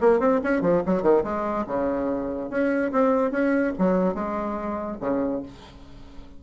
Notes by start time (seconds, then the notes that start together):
0.00 A#3
0.19 C4
0.43 C#4
0.61 F3
0.85 F#3
1.02 D#3
1.23 G#3
1.66 C#3
2.49 C#4
2.92 C4
3.31 C#4
3.78 F#3
4.14 G#3
5.00 C#3